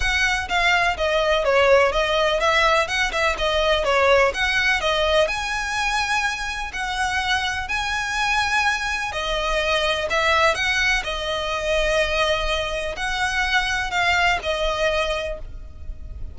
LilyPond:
\new Staff \with { instrumentName = "violin" } { \time 4/4 \tempo 4 = 125 fis''4 f''4 dis''4 cis''4 | dis''4 e''4 fis''8 e''8 dis''4 | cis''4 fis''4 dis''4 gis''4~ | gis''2 fis''2 |
gis''2. dis''4~ | dis''4 e''4 fis''4 dis''4~ | dis''2. fis''4~ | fis''4 f''4 dis''2 | }